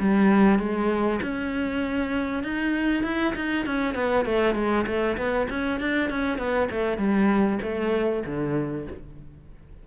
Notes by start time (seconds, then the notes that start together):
0.00 G3
0.59 G#3
1.22 C#4
2.44 D#4
3.03 E4
3.36 D#4
3.66 C#4
3.95 B3
4.26 A3
4.55 G#3
4.87 A3
5.17 B3
5.50 C#4
5.80 D4
6.10 C#4
6.38 B3
6.71 A3
6.98 G3
7.62 A3
8.26 D3